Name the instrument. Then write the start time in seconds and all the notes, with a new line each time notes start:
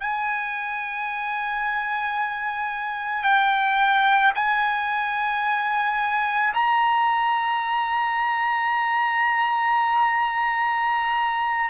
trumpet
0.00 G#5
3.23 G5
4.35 G#5
6.54 A#5